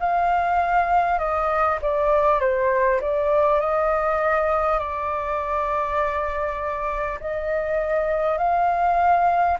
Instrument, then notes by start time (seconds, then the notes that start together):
flute
0.00 F5
1.18 D#5
1.82 D5
2.40 C5
3.01 D5
3.61 D#5
4.79 D5
7.20 D#5
8.38 F5